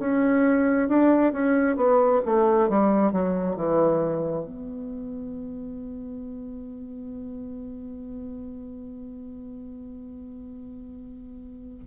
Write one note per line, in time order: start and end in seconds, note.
0.00 0.89 C#4
0.89 1.33 D4
1.33 1.77 C#4
1.77 2.21 B3
2.26 2.69 A3
2.69 3.13 G3
3.13 3.57 F#3
3.57 4.45 E3
4.45 11.84 B3